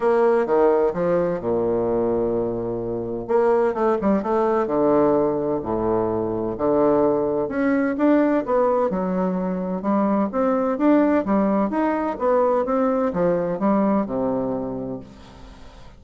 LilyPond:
\new Staff \with { instrumentName = "bassoon" } { \time 4/4 \tempo 4 = 128 ais4 dis4 f4 ais,4~ | ais,2. ais4 | a8 g8 a4 d2 | a,2 d2 |
cis'4 d'4 b4 fis4~ | fis4 g4 c'4 d'4 | g4 dis'4 b4 c'4 | f4 g4 c2 | }